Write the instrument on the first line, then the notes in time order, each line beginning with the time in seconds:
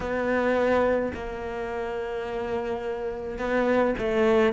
cello
0.00 B3
1.14 A#3
3.38 B3
3.98 A3